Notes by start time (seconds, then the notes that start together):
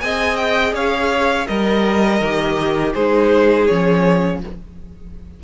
0.00 C4 G#4 D#5 G#5
0.36 G5
0.73 C#4 C#5 F5
1.46 G3 A#4 D#5
2.20 D#3 G4
2.93 G#3 D#4 G#4 C5
3.66 F3 C#4 C#5